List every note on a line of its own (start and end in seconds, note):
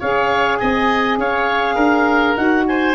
0.00 0.61 C#4
0.00 2.36 G#4
0.00 0.59 C#5
0.00 0.59 F5
0.59 1.18 C4
0.59 1.19 D#5
0.59 1.18 G#5
1.18 1.77 C#4
1.18 1.75 C#5
1.18 2.36 F5
1.75 2.36 D4
1.75 2.64 A#4
2.36 2.95 D#4
2.36 2.95 F#4
2.36 2.66 F#5
2.67 2.95 C5
2.67 2.95 G#5